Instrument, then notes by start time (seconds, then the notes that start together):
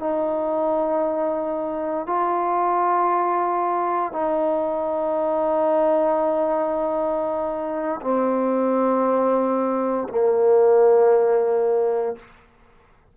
trombone
0.00 D#4
2.07 F4
4.13 D#4
8.01 C4
10.09 A#3